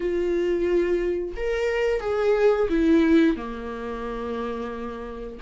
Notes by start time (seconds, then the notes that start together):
0.00 F4
1.36 A#4
2.00 G#4
2.69 E4
3.36 A#3